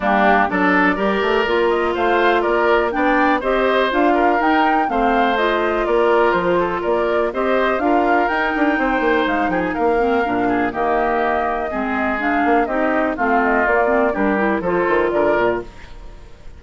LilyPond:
<<
  \new Staff \with { instrumentName = "flute" } { \time 4/4 \tempo 4 = 123 g'4 d''2~ d''8 dis''8 | f''4 d''4 g''4 dis''4 | f''4 g''4 f''4 dis''4 | d''4 c''4 d''4 dis''4 |
f''4 g''2 f''8 g''16 gis''16 | f''2 dis''2~ | dis''4 f''4 dis''4 f''8 dis''8 | d''4 ais'4 c''4 d''4 | }
  \new Staff \with { instrumentName = "oboe" } { \time 4/4 d'4 a'4 ais'2 | c''4 ais'4 d''4 c''4~ | c''8 ais'4. c''2 | ais'4. a'8 ais'4 c''4 |
ais'2 c''4. gis'8 | ais'4. gis'8 g'2 | gis'2 g'4 f'4~ | f'4 g'4 a'4 ais'4 | }
  \new Staff \with { instrumentName = "clarinet" } { \time 4/4 ais4 d'4 g'4 f'4~ | f'2 d'4 g'4 | f'4 dis'4 c'4 f'4~ | f'2. g'4 |
f'4 dis'2.~ | dis'8 c'8 d'4 ais2 | c'4 d'4 dis'4 c'4 | ais8 c'8 d'8 e'8 f'2 | }
  \new Staff \with { instrumentName = "bassoon" } { \time 4/4 g4 fis4 g8 a8 ais4 | a4 ais4 b4 c'4 | d'4 dis'4 a2 | ais4 f4 ais4 c'4 |
d'4 dis'8 d'8 c'8 ais8 gis8 f8 | ais4 ais,4 dis2 | gis4. ais8 c'4 a4 | ais4 g4 f8 dis8 d8 ais,8 | }
>>